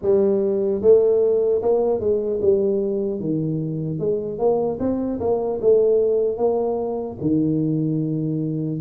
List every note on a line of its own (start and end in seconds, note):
0.01 0.81 G3
0.81 1.61 A3
1.62 2.00 A#3
2.00 2.40 G#3
2.41 3.20 G3
3.20 3.99 D#3
3.99 4.39 G#3
4.39 4.79 A#3
4.79 5.19 C4
5.20 5.60 A#3
5.61 6.37 A3
6.37 7.17 A#3
7.20 8.80 D#3